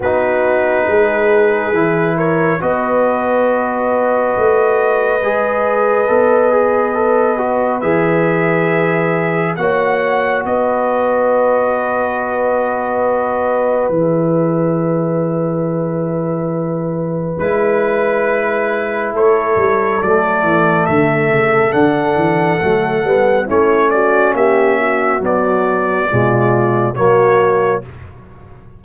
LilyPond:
<<
  \new Staff \with { instrumentName = "trumpet" } { \time 4/4 \tempo 4 = 69 b'2~ b'8 cis''8 dis''4~ | dis''1~ | dis''4 e''2 fis''4 | dis''1 |
e''1 | b'2 cis''4 d''4 | e''4 fis''2 cis''8 d''8 | e''4 d''2 cis''4 | }
  \new Staff \with { instrumentName = "horn" } { \time 4/4 fis'4 gis'4. ais'8 b'4~ | b'1~ | b'2. cis''4 | b'1~ |
b'1~ | b'2 a'2~ | a'2. e'8 fis'8 | g'8 fis'4. f'4 fis'4 | }
  \new Staff \with { instrumentName = "trombone" } { \time 4/4 dis'2 e'4 fis'4~ | fis'2 gis'4 a'8 gis'8 | a'8 fis'8 gis'2 fis'4~ | fis'1 |
gis'1 | e'2. a4~ | a4 d'4 a8 b8 cis'4~ | cis'4 fis4 gis4 ais4 | }
  \new Staff \with { instrumentName = "tuba" } { \time 4/4 b4 gis4 e4 b4~ | b4 a4 gis4 b4~ | b4 e2 ais4 | b1 |
e1 | gis2 a8 g8 fis8 e8 | d8 cis8 d8 e8 fis8 g8 a4 | ais4 b4 b,4 fis4 | }
>>